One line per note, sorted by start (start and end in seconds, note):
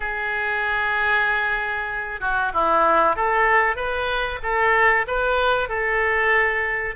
0.00 2.20 G#4
2.20 2.51 F#4
2.53 3.16 E4
3.16 3.76 A4
3.76 4.39 B4
4.42 5.06 A4
5.07 5.68 B4
5.68 6.95 A4